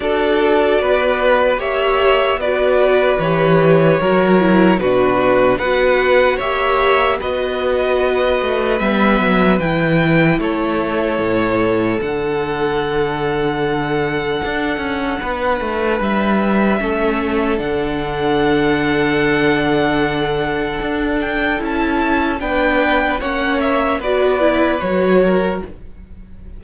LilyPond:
<<
  \new Staff \with { instrumentName = "violin" } { \time 4/4 \tempo 4 = 75 d''2 e''4 d''4 | cis''2 b'4 fis''4 | e''4 dis''2 e''4 | g''4 cis''2 fis''4~ |
fis''1 | e''2 fis''2~ | fis''2~ fis''8 g''8 a''4 | g''4 fis''8 e''8 d''4 cis''4 | }
  \new Staff \with { instrumentName = "violin" } { \time 4/4 a'4 b'4 cis''4 b'4~ | b'4 ais'4 fis'4 b'4 | cis''4 b'2.~ | b'4 a'2.~ |
a'2. b'4~ | b'4 a'2.~ | a'1 | b'4 cis''4 b'4. ais'8 | }
  \new Staff \with { instrumentName = "viola" } { \time 4/4 fis'2 g'4 fis'4 | g'4 fis'8 e'8 d'4 fis'4 | g'4 fis'2 b4 | e'2. d'4~ |
d'1~ | d'4 cis'4 d'2~ | d'2. e'4 | d'4 cis'4 fis'8 e'8 fis'4 | }
  \new Staff \with { instrumentName = "cello" } { \time 4/4 d'4 b4 ais4 b4 | e4 fis4 b,4 b4 | ais4 b4. a8 g8 fis8 | e4 a4 a,4 d4~ |
d2 d'8 cis'8 b8 a8 | g4 a4 d2~ | d2 d'4 cis'4 | b4 ais4 b4 fis4 | }
>>